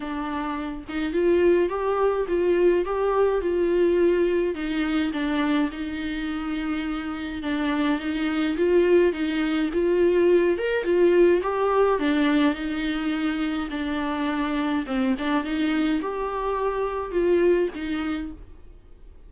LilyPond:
\new Staff \with { instrumentName = "viola" } { \time 4/4 \tempo 4 = 105 d'4. dis'8 f'4 g'4 | f'4 g'4 f'2 | dis'4 d'4 dis'2~ | dis'4 d'4 dis'4 f'4 |
dis'4 f'4. ais'8 f'4 | g'4 d'4 dis'2 | d'2 c'8 d'8 dis'4 | g'2 f'4 dis'4 | }